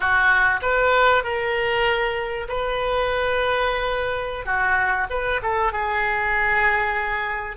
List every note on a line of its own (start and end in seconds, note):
0.00 0.60 F#4
0.62 1.23 B4
1.23 2.47 A#4
2.48 4.45 B4
4.45 5.07 F#4
5.09 5.40 B4
5.42 5.72 A4
5.72 7.57 G#4